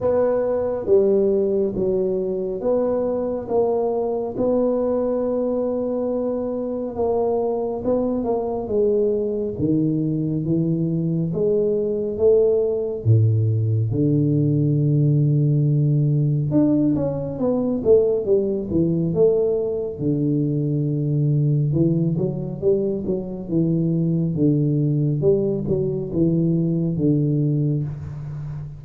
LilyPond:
\new Staff \with { instrumentName = "tuba" } { \time 4/4 \tempo 4 = 69 b4 g4 fis4 b4 | ais4 b2. | ais4 b8 ais8 gis4 dis4 | e4 gis4 a4 a,4 |
d2. d'8 cis'8 | b8 a8 g8 e8 a4 d4~ | d4 e8 fis8 g8 fis8 e4 | d4 g8 fis8 e4 d4 | }